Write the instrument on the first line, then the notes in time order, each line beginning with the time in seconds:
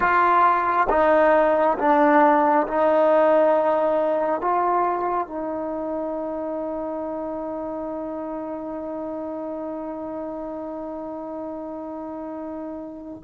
trombone
0.00 F4
0.89 D#4
1.78 D4
2.67 D#4
4.40 F4
5.27 D#4